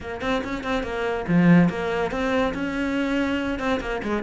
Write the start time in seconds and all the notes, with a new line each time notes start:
0.01 A#3
0.21 C4
0.44 C#4
0.63 C4
0.83 A#3
1.28 F3
1.69 A#3
2.11 C4
2.54 C#4
3.59 C4
3.80 A#3
4.03 G#3